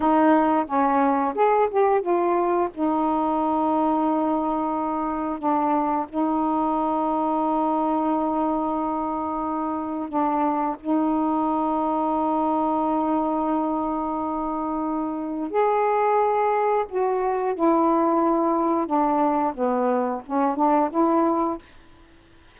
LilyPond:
\new Staff \with { instrumentName = "saxophone" } { \time 4/4 \tempo 4 = 89 dis'4 cis'4 gis'8 g'8 f'4 | dis'1 | d'4 dis'2.~ | dis'2. d'4 |
dis'1~ | dis'2. gis'4~ | gis'4 fis'4 e'2 | d'4 b4 cis'8 d'8 e'4 | }